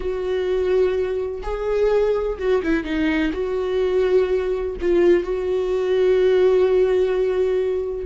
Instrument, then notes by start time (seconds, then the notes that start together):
viola
0.00 F#4
1.42 G#4
2.38 F#4
2.63 E4
2.83 D#4
3.32 F#4
4.81 F4
5.23 F#4